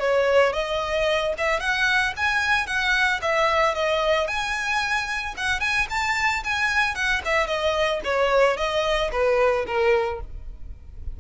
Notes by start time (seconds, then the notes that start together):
0.00 C#5
0.53 D#5
1.38 E5
1.60 F#5
2.17 G#5
2.67 F#5
3.22 E5
3.75 D#5
4.28 G#5
5.37 F#5
5.61 G#5
5.90 A5
6.44 G#5
6.95 F#5
7.25 E5
7.47 D#5
8.04 C#5
8.57 D#5
9.12 B4
9.67 A#4